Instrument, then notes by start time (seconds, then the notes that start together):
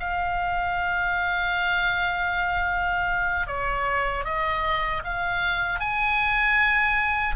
oboe
0.00 F5
3.47 C#5
4.25 D#5
5.04 F5
5.80 G#5